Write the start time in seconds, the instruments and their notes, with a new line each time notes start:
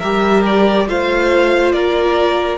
0.00 cello G3, viola G4, violin A#4 E5
0.46 violin D5
0.88 cello A3, viola F4, violin C5 F5
1.72 cello A#3, violin A#4 D5